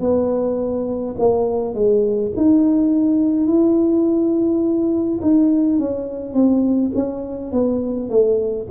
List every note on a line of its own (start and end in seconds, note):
0.00 1.15 B3
1.19 1.75 A#3
1.75 2.32 G#3
2.37 3.47 D#4
3.47 5.20 E4
5.22 5.79 D#4
5.79 6.34 C#4
6.34 6.91 C4
6.95 7.52 C#4
7.52 8.10 B3
8.10 8.67 A3